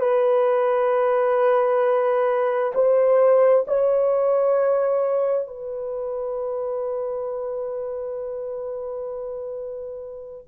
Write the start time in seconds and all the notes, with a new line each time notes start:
0.00 B4
2.74 C5
3.67 C#5
5.48 B4